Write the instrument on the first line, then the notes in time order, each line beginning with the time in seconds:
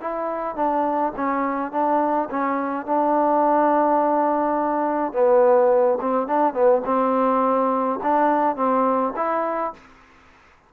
trombone
0.00 E4
0.55 D4
1.16 C#4
1.71 D4
2.30 C#4
2.85 D4
5.12 B3
6.01 C4
6.27 D4
6.53 B3
6.85 C4
8.02 D4
8.56 C4
9.16 E4